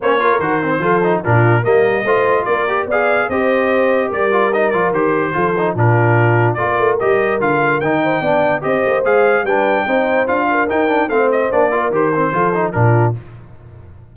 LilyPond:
<<
  \new Staff \with { instrumentName = "trumpet" } { \time 4/4 \tempo 4 = 146 cis''4 c''2 ais'4 | dis''2 d''4 f''4 | dis''2 d''4 dis''8 d''8 | c''2 ais'2 |
d''4 dis''4 f''4 g''4~ | g''4 dis''4 f''4 g''4~ | g''4 f''4 g''4 f''8 dis''8 | d''4 c''2 ais'4 | }
  \new Staff \with { instrumentName = "horn" } { \time 4/4 c''8 ais'4. a'4 f'4 | ais'4 c''4 ais'4 d''4 | c''2 ais'2~ | ais'4 a'4 f'2 |
ais'2.~ ais'8 c''8 | d''4 c''2 b'4 | c''4. ais'4. c''4~ | c''8 ais'4. a'4 f'4 | }
  \new Staff \with { instrumentName = "trombone" } { \time 4/4 cis'8 f'8 fis'8 c'8 f'8 dis'8 d'4 | ais4 f'4. g'8 gis'4 | g'2~ g'8 f'8 dis'8 f'8 | g'4 f'8 dis'8 d'2 |
f'4 g'4 f'4 dis'4 | d'4 g'4 gis'4 d'4 | dis'4 f'4 dis'8 d'8 c'4 | d'8 f'8 g'8 c'8 f'8 dis'8 d'4 | }
  \new Staff \with { instrumentName = "tuba" } { \time 4/4 ais4 dis4 f4 ais,4 | g4 a4 ais4 b4 | c'2 g4. f8 | dis4 f4 ais,2 |
ais8 a8 g4 d4 dis4 | b4 c'8 ais8 gis4 g4 | c'4 d'4 dis'4 a4 | ais4 dis4 f4 ais,4 | }
>>